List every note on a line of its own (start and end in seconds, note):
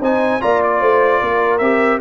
0.00 0.40 C4
0.00 0.41 D#4
0.00 0.41 C5
0.00 0.41 G#5
0.41 0.81 A#3
0.41 1.61 F4
0.41 0.80 D5
0.41 0.61 A#5
0.63 1.58 D5
0.80 1.21 A3
0.80 1.20 C5
1.22 1.60 A#3
1.22 2.00 A#4
1.58 2.00 C4
1.58 2.00 G4
1.58 1.98 E5